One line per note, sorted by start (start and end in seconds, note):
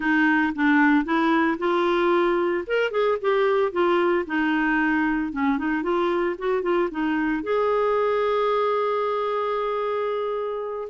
0.00 0.53 D#4
0.55 1.04 D4
1.04 1.57 E4
1.58 2.64 F4
2.66 2.91 A#4
2.91 3.17 G#4
3.21 3.72 G4
3.72 4.25 F4
4.26 5.32 D#4
5.32 5.58 C#4
5.58 5.82 D#4
5.82 6.35 F4
6.38 6.62 F#4
6.62 6.89 F4
6.91 7.43 D#4
7.43 10.88 G#4